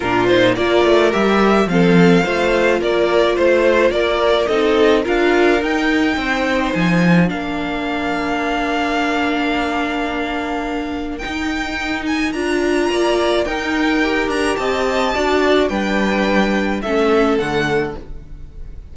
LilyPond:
<<
  \new Staff \with { instrumentName = "violin" } { \time 4/4 \tempo 4 = 107 ais'8 c''8 d''4 e''4 f''4~ | f''4 d''4 c''4 d''4 | dis''4 f''4 g''2 | gis''4 f''2.~ |
f''1 | g''4. gis''8 ais''2 | g''4. ais''8 a''2 | g''2 e''4 fis''4 | }
  \new Staff \with { instrumentName = "violin" } { \time 4/4 f'4 ais'2 a'4 | c''4 ais'4 c''4 ais'4 | a'4 ais'2 c''4~ | c''4 ais'2.~ |
ais'1~ | ais'2. d''4 | ais'2 dis''4 d''4 | b'2 a'2 | }
  \new Staff \with { instrumentName = "viola" } { \time 4/4 d'8 dis'8 f'4 g'4 c'4 | f'1 | dis'4 f'4 dis'2~ | dis'4 d'2.~ |
d'1 | dis'2 f'2 | dis'4 g'2 fis'4 | d'2 cis'4 a4 | }
  \new Staff \with { instrumentName = "cello" } { \time 4/4 ais,4 ais8 a8 g4 f4 | a4 ais4 a4 ais4 | c'4 d'4 dis'4 c'4 | f4 ais2.~ |
ais1 | dis'2 d'4 ais4 | dis'4. d'8 c'4 d'4 | g2 a4 d4 | }
>>